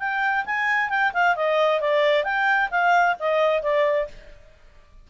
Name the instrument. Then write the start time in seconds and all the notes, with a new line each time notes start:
clarinet
0.00 G5
0.46 G#5
0.90 G5
1.14 F5
1.36 D#5
1.81 D5
2.24 G5
2.71 F5
3.20 D#5
3.63 D5